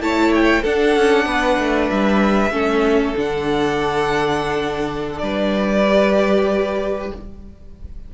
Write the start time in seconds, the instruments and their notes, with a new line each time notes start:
0.00 cello A3, viola E4, violin C#5 A5
0.35 violin G5
0.62 cello D4, viola D4, violin A4 F#5
0.96 cello C#4
1.26 cello B3, violin B4
1.59 cello A3
1.90 cello G3, violin E5
2.51 cello A3, viola C#4, violin A4
3.17 cello D3, viola D4, violin F#5
5.19 cello G3, violin B4 D5
5.88 viola G4